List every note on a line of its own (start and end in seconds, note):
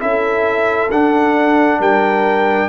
0.00 0.90 C#4
0.00 0.90 E4
0.00 1.80 A4
0.00 0.90 E5
0.90 1.79 D4
0.90 2.68 D4
0.90 1.80 F#5
1.79 2.68 G3
1.79 2.68 A#4
1.79 2.68 G5